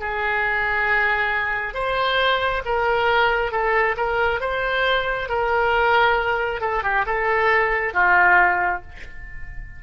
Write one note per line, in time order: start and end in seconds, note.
0.00 1.74 G#4
1.74 2.62 C5
2.65 3.52 A#4
3.52 3.96 A4
3.97 4.40 A#4
4.40 5.29 C5
5.29 6.61 A#4
6.61 6.83 A4
6.83 7.05 G4
7.06 7.94 A4
7.94 8.82 F4